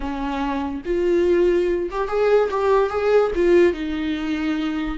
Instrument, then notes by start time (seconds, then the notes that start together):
viola
0.00 C#4
0.85 F4
1.90 G4
2.08 G#4
2.50 G4
2.89 G#4
3.35 F4
3.73 D#4